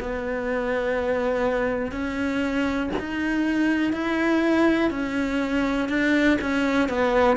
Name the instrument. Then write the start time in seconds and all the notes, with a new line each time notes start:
cello
0.00 B3
1.92 C#4
3.00 D#4
3.93 E4
4.90 C#4
5.89 D4
6.42 C#4
6.89 B3